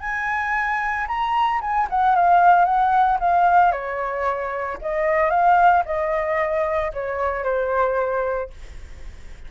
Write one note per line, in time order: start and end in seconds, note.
0.00 1.06 G#5
1.07 1.60 A#5
1.61 1.87 G#5
1.89 2.15 F#5
2.15 2.65 F5
2.65 3.18 F#5
3.20 3.71 F5
3.71 4.78 C#5
4.81 5.30 D#5
5.30 5.83 F5
5.85 6.91 D#5
6.93 7.44 C#5
7.44 8.50 C5